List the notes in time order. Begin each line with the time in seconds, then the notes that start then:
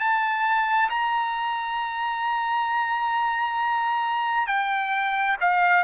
0.00 A5
0.90 A#5
4.47 G5
5.41 F5